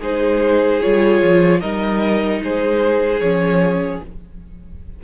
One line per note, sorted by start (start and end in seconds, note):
0.00 0.81 G#3
0.00 0.82 D#4
0.00 1.60 G#4
0.00 0.82 C5
0.82 1.22 G3
0.82 1.61 F4
0.82 1.61 C#5
1.22 1.62 F3
1.60 2.41 G3
1.60 3.21 D#4
1.60 2.40 A#4
1.60 2.41 D#5
2.41 3.21 G#3
2.41 4.04 G#4
2.41 3.21 C5
3.21 4.01 F3
3.21 4.02 C#4
3.21 4.00 C#5